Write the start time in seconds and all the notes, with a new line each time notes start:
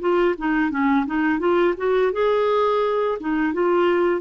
0.00 F4
0.38 D#4
0.71 C#4
1.07 D#4
1.40 F4
1.77 F#4
2.13 G#4
3.20 D#4
3.53 F4